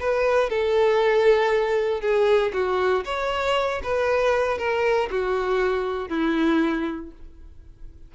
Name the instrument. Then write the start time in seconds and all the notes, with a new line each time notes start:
violin
0.00 B4
0.50 A4
2.01 G#4
2.53 F#4
3.05 C#5
3.83 B4
4.58 A#4
5.10 F#4
6.09 E4